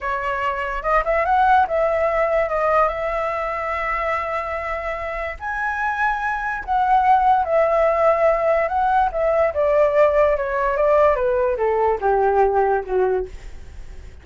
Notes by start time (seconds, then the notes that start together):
0.00 C#5
0.82 D#5
1.04 E5
1.25 F#5
1.67 E5
2.49 D#5
2.88 E5
5.39 G#5
6.64 F#5
7.44 E5
8.68 F#5
9.12 E5
9.54 D5
10.36 C#5
10.76 D5
11.15 B4
11.57 A4
12.00 G4
12.84 F#4